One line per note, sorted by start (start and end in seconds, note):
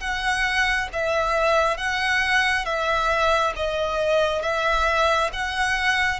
0.00 0.88 F#5
0.93 1.77 E5
1.77 2.65 F#5
2.65 3.53 E5
3.56 4.42 D#5
4.42 5.30 E5
5.33 6.19 F#5